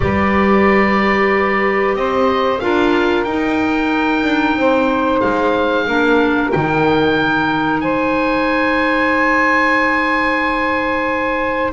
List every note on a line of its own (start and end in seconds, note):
0.00 1.94 G3
0.00 2.60 G4
0.00 1.97 B4
0.00 1.95 D5
1.94 2.59 C4
1.94 2.62 C5
1.94 2.59 D#5
2.59 3.25 D4
2.59 3.26 F4
2.59 4.58 A#4
2.59 3.24 F5
3.24 4.23 D#4
3.24 5.87 D#4
3.24 5.19 G5
4.23 4.55 D4
4.55 5.21 C4
4.55 5.87 C5
5.20 5.87 G#3
5.20 6.50 F5
5.87 6.52 A#3
5.87 6.52 D4
5.87 7.82 A#4
6.52 7.83 D#3
6.52 11.72 D#4
6.52 7.80 G5
7.80 11.72 G#3
7.80 11.72 C5
7.80 11.71 G#5